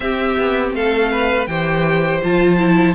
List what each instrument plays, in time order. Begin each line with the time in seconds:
0.00 cello C4, viola C4, violin G4 E5
0.37 cello B3
0.72 cello A3, violin A4 F5
1.11 violin B4
1.46 cello E3, viola G4, violin C5 G5
2.23 cello F3, viola F4, violin A5
2.58 viola E4